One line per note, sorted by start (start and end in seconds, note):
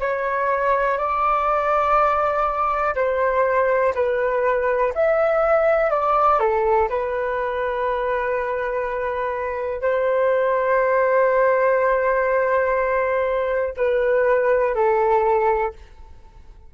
0.00 0.98 C#5
0.98 2.95 D5
2.95 3.93 C5
3.95 4.93 B4
4.94 5.90 E5
5.90 6.39 D5
6.39 6.89 A4
6.89 9.81 B4
9.81 13.75 C5
13.77 14.75 B4
14.75 15.73 A4